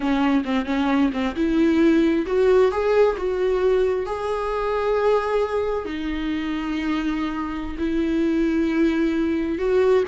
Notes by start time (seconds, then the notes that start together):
0.00 C#4
0.44 C4
0.65 C#4
1.12 C4
1.35 E4
2.26 F#4
2.71 G#4
3.17 F#4
4.06 G#4
5.85 D#4
7.78 E4
9.58 F#4